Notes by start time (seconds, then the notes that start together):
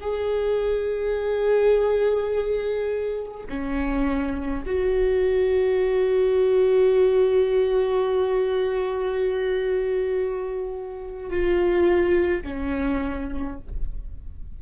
0.00 G#4
3.49 C#4
4.66 F#4
11.29 F4
12.42 C#4